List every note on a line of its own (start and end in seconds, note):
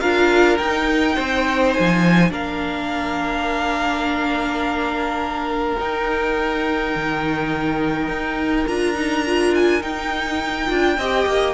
0.00 0.59 D4
0.00 0.59 F4
0.00 1.15 A#4
0.00 0.58 F5
0.58 1.17 D#4
0.58 2.31 D#4
0.58 1.73 G5
1.15 1.76 C4
1.15 2.31 C5
1.74 2.30 F3
1.74 2.31 G#5
2.30 5.77 A#3
2.30 5.77 D4
2.30 10.98 A#4
2.30 5.79 F5
5.79 8.67 D#4
5.79 6.95 D#4
5.79 8.68 G5
6.96 8.08 D#3
8.08 8.66 D#4
8.68 9.83 D4
8.68 8.96 F4
8.68 9.54 A#5
8.96 9.24 D#4
9.27 9.81 F4
9.55 9.82 G#5
9.81 10.67 D#4
9.81 10.70 D#4
9.81 11.54 G5
10.67 10.97 D4
10.67 10.96 F4
10.97 11.26 C4
10.97 11.54 G4
10.97 11.54 D#5
11.26 11.54 A#3